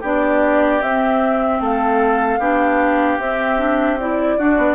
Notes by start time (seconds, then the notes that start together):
0.00 B3 D4 G4 D5
0.81 C4 E5
1.60 A3 A4 F5
2.39 B3 D4 G4
3.19 C4 E5
3.58 D4
3.99 E4 D5
4.38 D4 F#4
4.57 B3